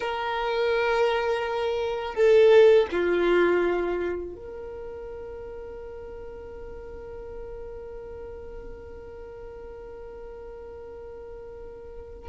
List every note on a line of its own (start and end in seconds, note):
0.00 2.14 A#4
2.14 2.87 A4
2.91 4.35 F4
4.35 12.29 A#4